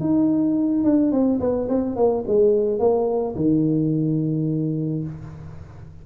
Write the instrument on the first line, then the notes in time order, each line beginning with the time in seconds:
tuba
0.00 D#4
0.84 D4
1.12 C4
1.40 B3
1.69 C4
1.96 A#3
2.27 G#3
2.79 A#3
3.36 D#3